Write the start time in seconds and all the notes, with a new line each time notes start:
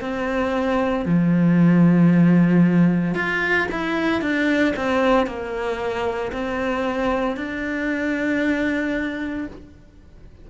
0.00 C4
1.05 F3
3.14 F4
3.71 E4
4.21 D4
4.76 C4
5.26 A#3
6.32 C4
7.36 D4